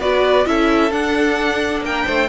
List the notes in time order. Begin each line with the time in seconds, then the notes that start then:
0.00 B3 F#4 B4 D5
0.45 C#4 E4 A4 E5
0.92 D4 F#5
1.81 A#3 A#4 G5
2.07 A3 C5